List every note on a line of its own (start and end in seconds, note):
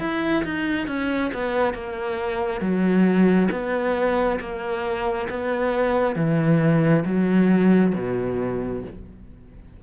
0.00 0.44 E4
0.44 0.88 D#4
0.88 1.32 C#4
1.34 1.74 B3
1.74 2.61 A#3
2.61 3.49 F#3
3.51 4.40 B3
4.40 5.29 A#3
5.30 6.16 B3
6.16 7.04 E3
7.06 7.94 F#3
7.95 8.84 B2